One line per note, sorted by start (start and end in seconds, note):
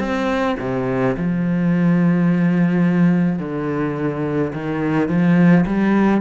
0.00 0.57 C4
0.60 1.16 C3
1.17 3.40 F3
3.40 4.53 D3
4.53 5.09 D#3
5.09 5.66 F3
5.67 6.22 G3